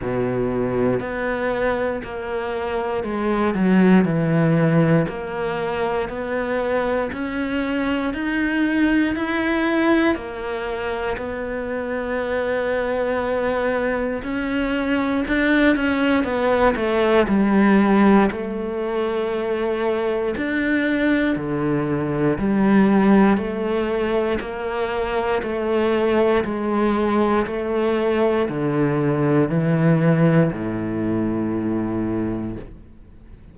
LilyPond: \new Staff \with { instrumentName = "cello" } { \time 4/4 \tempo 4 = 59 b,4 b4 ais4 gis8 fis8 | e4 ais4 b4 cis'4 | dis'4 e'4 ais4 b4~ | b2 cis'4 d'8 cis'8 |
b8 a8 g4 a2 | d'4 d4 g4 a4 | ais4 a4 gis4 a4 | d4 e4 a,2 | }